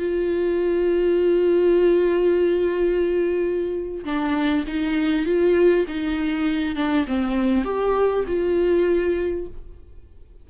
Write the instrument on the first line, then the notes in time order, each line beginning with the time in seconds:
viola
0.00 F4
4.05 D4
4.68 D#4
5.26 F4
5.88 D#4
6.76 D4
7.08 C4
7.65 G4
8.28 F4